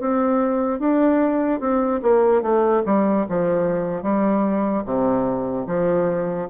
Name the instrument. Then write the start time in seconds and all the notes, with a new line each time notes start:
bassoon
0.00 C4
0.80 D4
1.60 C4
2.02 A#3
2.42 A3
2.86 G3
3.29 F3
4.02 G3
4.85 C3
5.67 F3